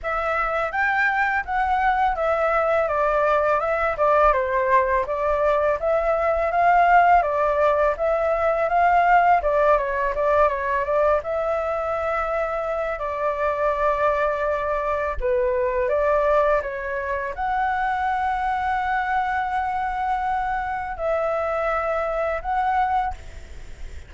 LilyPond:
\new Staff \with { instrumentName = "flute" } { \time 4/4 \tempo 4 = 83 e''4 g''4 fis''4 e''4 | d''4 e''8 d''8 c''4 d''4 | e''4 f''4 d''4 e''4 | f''4 d''8 cis''8 d''8 cis''8 d''8 e''8~ |
e''2 d''2~ | d''4 b'4 d''4 cis''4 | fis''1~ | fis''4 e''2 fis''4 | }